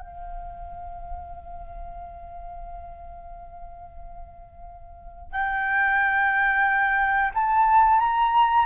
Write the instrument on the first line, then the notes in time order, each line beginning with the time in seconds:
flute
0.00 F5
5.32 G5
7.34 A5
7.99 A#5